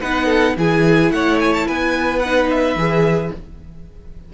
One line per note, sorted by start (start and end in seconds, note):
0.00 0.57 B3
0.00 0.57 D#4
0.00 0.26 B4
0.00 0.56 F#5
0.26 0.53 A4
0.57 1.11 E3
0.57 2.23 E4
0.57 1.13 G#4
0.57 1.12 G#5
1.11 1.66 A3
1.11 1.67 C#5
1.11 1.39 F#5
1.40 1.54 G#5
1.54 1.68 A5
1.67 2.76 B3
1.67 3.33 B4
1.67 2.20 G#5
2.20 2.79 D#4
2.20 2.47 F#5
2.50 3.33 E5
2.76 3.31 E3
2.76 3.34 G#4